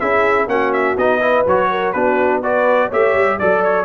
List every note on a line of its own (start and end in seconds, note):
0.00 0.48 C#4
0.00 0.48 E4
0.00 0.49 G#4
0.00 0.48 E5
0.48 0.96 A#3
0.48 0.97 C#4
0.48 1.21 F#4
0.48 0.73 F#5
0.73 0.98 E5
0.98 1.46 B3
0.98 1.21 D#4
0.98 1.46 D#5
1.21 1.45 E4
1.21 1.69 B4
1.47 1.95 F#3
1.47 1.95 F#4
1.47 1.93 C#5
1.71 1.94 A#4
1.93 2.92 B3
1.93 2.43 D4
1.93 2.42 F#4
1.93 2.41 B4
2.42 2.92 F#4
2.42 2.89 B4
2.42 2.92 D5
2.89 3.15 A3
2.89 3.41 G4
2.89 3.37 C#5
2.89 3.39 E5
3.15 3.39 G3
3.39 3.85 F#3
3.39 3.85 A4
3.39 3.63 D5
3.39 3.85 D5
3.64 3.85 C#5